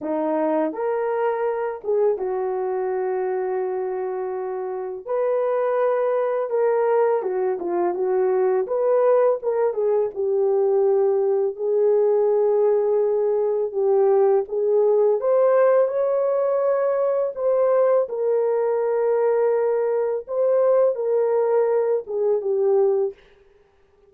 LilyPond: \new Staff \with { instrumentName = "horn" } { \time 4/4 \tempo 4 = 83 dis'4 ais'4. gis'8 fis'4~ | fis'2. b'4~ | b'4 ais'4 fis'8 f'8 fis'4 | b'4 ais'8 gis'8 g'2 |
gis'2. g'4 | gis'4 c''4 cis''2 | c''4 ais'2. | c''4 ais'4. gis'8 g'4 | }